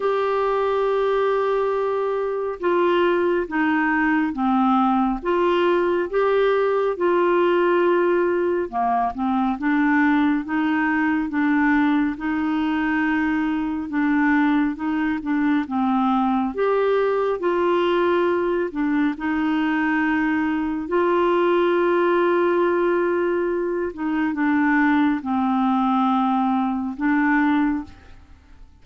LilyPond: \new Staff \with { instrumentName = "clarinet" } { \time 4/4 \tempo 4 = 69 g'2. f'4 | dis'4 c'4 f'4 g'4 | f'2 ais8 c'8 d'4 | dis'4 d'4 dis'2 |
d'4 dis'8 d'8 c'4 g'4 | f'4. d'8 dis'2 | f'2.~ f'8 dis'8 | d'4 c'2 d'4 | }